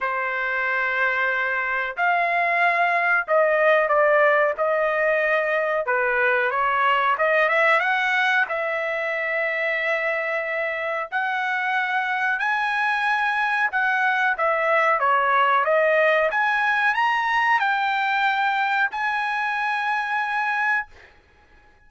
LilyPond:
\new Staff \with { instrumentName = "trumpet" } { \time 4/4 \tempo 4 = 92 c''2. f''4~ | f''4 dis''4 d''4 dis''4~ | dis''4 b'4 cis''4 dis''8 e''8 | fis''4 e''2.~ |
e''4 fis''2 gis''4~ | gis''4 fis''4 e''4 cis''4 | dis''4 gis''4 ais''4 g''4~ | g''4 gis''2. | }